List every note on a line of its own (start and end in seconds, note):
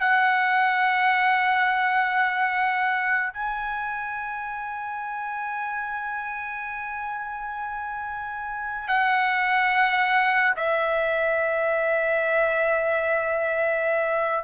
0.00 3.33 F#5
3.33 8.87 G#5
8.87 10.54 F#5
10.56 14.44 E5